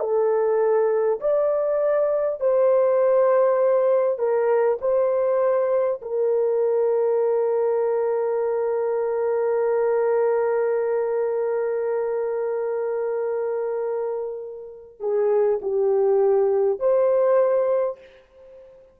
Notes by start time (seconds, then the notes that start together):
0.00 A4
1.21 D5
2.40 C5
4.19 A#4
4.81 C5
6.02 A#4
14.99 G#4
15.62 G4
16.79 C5